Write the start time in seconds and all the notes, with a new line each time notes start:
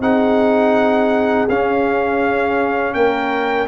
0.00 C4 D#4 G#4 F#5
1.49 C#4 F5
2.94 A#3 A#4 G5